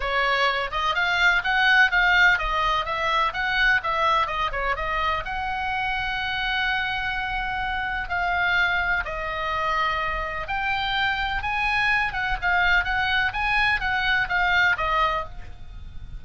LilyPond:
\new Staff \with { instrumentName = "oboe" } { \time 4/4 \tempo 4 = 126 cis''4. dis''8 f''4 fis''4 | f''4 dis''4 e''4 fis''4 | e''4 dis''8 cis''8 dis''4 fis''4~ | fis''1~ |
fis''4 f''2 dis''4~ | dis''2 g''2 | gis''4. fis''8 f''4 fis''4 | gis''4 fis''4 f''4 dis''4 | }